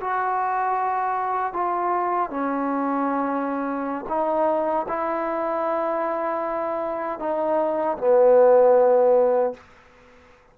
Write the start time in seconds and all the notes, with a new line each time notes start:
0.00 F#4
1.53 F4
2.30 C#4
4.08 D#4
4.88 E4
7.19 D#4
7.98 B3